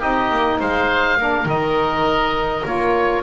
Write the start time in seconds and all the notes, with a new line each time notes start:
0.00 C4 D#4 G4 D#5
0.31 A#3
0.60 G#3 C5 F5
1.18 A#3 D4 A#4
1.46 D#3 D#4 D#5
2.65 A#3 F4 C#5